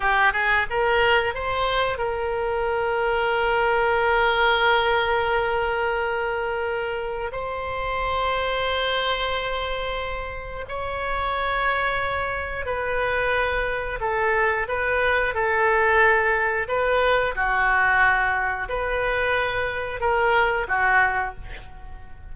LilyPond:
\new Staff \with { instrumentName = "oboe" } { \time 4/4 \tempo 4 = 90 g'8 gis'8 ais'4 c''4 ais'4~ | ais'1~ | ais'2. c''4~ | c''1 |
cis''2. b'4~ | b'4 a'4 b'4 a'4~ | a'4 b'4 fis'2 | b'2 ais'4 fis'4 | }